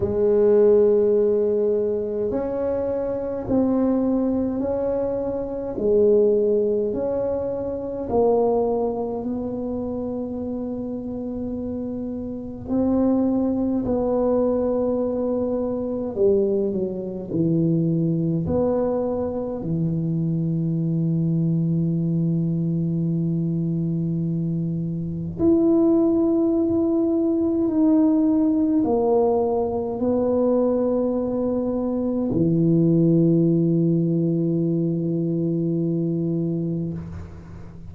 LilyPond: \new Staff \with { instrumentName = "tuba" } { \time 4/4 \tempo 4 = 52 gis2 cis'4 c'4 | cis'4 gis4 cis'4 ais4 | b2. c'4 | b2 g8 fis8 e4 |
b4 e2.~ | e2 e'2 | dis'4 ais4 b2 | e1 | }